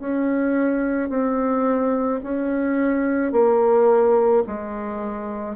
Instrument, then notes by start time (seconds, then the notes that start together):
bassoon
0.00 C#4
1.09 C4
2.23 C#4
3.32 A#3
4.47 G#3